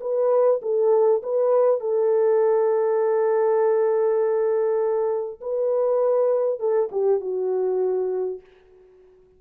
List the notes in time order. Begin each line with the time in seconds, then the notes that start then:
0.00 B4
0.62 A4
1.22 B4
1.80 A4
5.41 B4
6.59 A4
6.91 G4
7.20 F#4